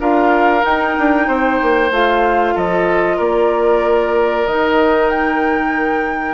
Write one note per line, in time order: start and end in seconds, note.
0.00 0.64 D4
0.00 0.62 F4
0.00 1.28 A#4
0.00 0.64 F5
0.62 1.89 D#4
0.62 0.97 D#4
0.62 1.92 G5
0.99 1.28 D4
1.28 1.60 C4
1.28 2.55 C5
1.62 1.91 A#3
1.91 2.55 A3
1.91 4.48 F4
1.91 2.58 F5
2.55 3.20 F3
2.55 3.17 A4
2.55 3.19 D#5
3.17 4.47 A#3
3.17 6.35 A#4
3.17 4.47 D5
4.47 6.35 D#3
4.47 6.35 D#4
4.47 5.10 D#5
5.10 6.35 G5